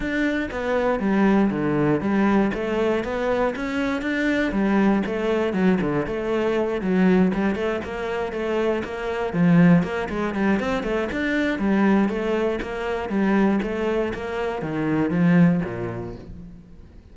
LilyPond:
\new Staff \with { instrumentName = "cello" } { \time 4/4 \tempo 4 = 119 d'4 b4 g4 d4 | g4 a4 b4 cis'4 | d'4 g4 a4 fis8 d8 | a4. fis4 g8 a8 ais8~ |
ais8 a4 ais4 f4 ais8 | gis8 g8 c'8 a8 d'4 g4 | a4 ais4 g4 a4 | ais4 dis4 f4 ais,4 | }